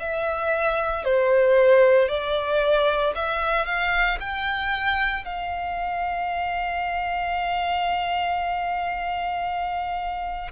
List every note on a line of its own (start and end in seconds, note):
0.00 1.05 E5
1.05 2.09 C5
2.09 3.14 D5
3.15 3.66 E5
3.66 4.19 F5
4.21 5.25 G5
5.25 10.52 F5